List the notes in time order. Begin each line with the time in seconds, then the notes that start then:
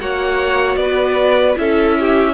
0.00 A#3 F#4 C#5 F#5
0.76 B3 B4 D5
1.56 C#4 E4 A4 E5
2.00 G4